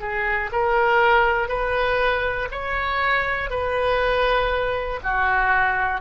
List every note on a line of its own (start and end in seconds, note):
0.00 0.50 G#4
0.51 1.48 A#4
1.48 2.48 B4
2.50 3.50 C#5
3.50 5.00 B4
5.03 6.00 F#4